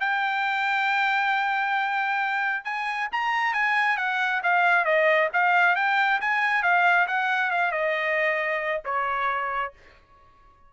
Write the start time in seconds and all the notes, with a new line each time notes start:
0.00 G5
2.64 G#5
3.12 A#5
3.53 G#5
3.97 F#5
4.43 F5
4.84 D#5
5.33 F5
5.76 G5
6.21 G#5
6.63 F5
7.07 F#5
7.51 F5
7.71 D#5
8.85 C#5